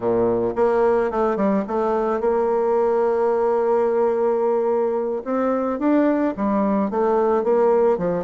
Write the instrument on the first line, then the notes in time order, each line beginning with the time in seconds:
bassoon
0.00 A#2
0.55 A#3
1.11 A3
1.36 G3
1.67 A3
2.20 A#3
5.24 C4
5.79 D4
6.36 G3
6.90 A3
7.43 A#3
7.98 F3